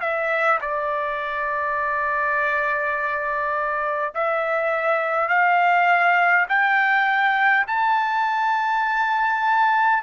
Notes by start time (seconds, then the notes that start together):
0.00 E5
0.60 D5
4.14 E5
5.28 F5
6.48 G5
7.67 A5